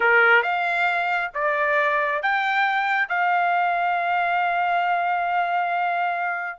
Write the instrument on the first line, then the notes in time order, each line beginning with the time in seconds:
trumpet
0.00 A#4
0.43 F5
1.34 D5
2.22 G5
3.08 F5